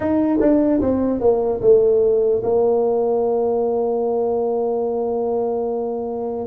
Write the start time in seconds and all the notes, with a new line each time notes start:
0.00 D#4
0.40 D4
0.81 C4
1.20 A#3
1.61 A3
2.43 A#3